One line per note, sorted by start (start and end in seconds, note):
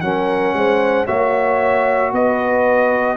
0.00 0.54 F#3
0.00 1.07 C#4
0.00 0.56 A#4
0.00 1.05 F#5
0.54 1.06 G#3
0.54 1.06 C5
1.06 2.12 A#3
1.06 3.16 F#4
1.06 2.11 C#5
1.06 2.12 E5
2.12 3.16 B3
2.12 3.16 B4
2.12 3.16 D#5